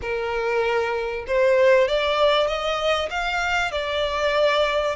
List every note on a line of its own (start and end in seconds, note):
0.01 1.25 A#4
1.27 1.88 C5
1.88 2.47 D5
2.47 3.09 D#5
3.10 3.71 F5
3.71 4.95 D5